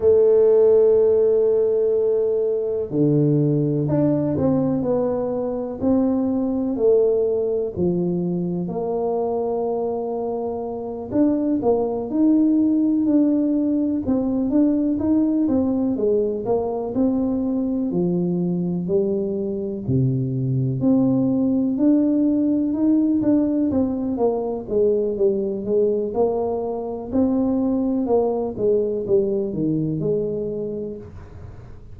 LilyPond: \new Staff \with { instrumentName = "tuba" } { \time 4/4 \tempo 4 = 62 a2. d4 | d'8 c'8 b4 c'4 a4 | f4 ais2~ ais8 d'8 | ais8 dis'4 d'4 c'8 d'8 dis'8 |
c'8 gis8 ais8 c'4 f4 g8~ | g8 c4 c'4 d'4 dis'8 | d'8 c'8 ais8 gis8 g8 gis8 ais4 | c'4 ais8 gis8 g8 dis8 gis4 | }